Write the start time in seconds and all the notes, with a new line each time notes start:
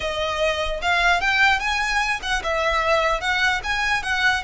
0.00 D#5
0.81 F5
1.20 G5
1.59 G#5
2.22 F#5
2.43 E5
3.20 F#5
3.63 G#5
4.03 F#5